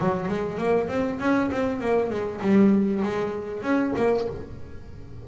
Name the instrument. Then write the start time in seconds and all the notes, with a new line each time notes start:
double bass
0.00 F#3
0.28 G#3
0.58 A#3
0.88 C4
1.20 C#4
1.52 C4
1.81 A#3
2.10 G#3
2.42 G3
3.03 G#3
3.63 C#4
3.97 A#3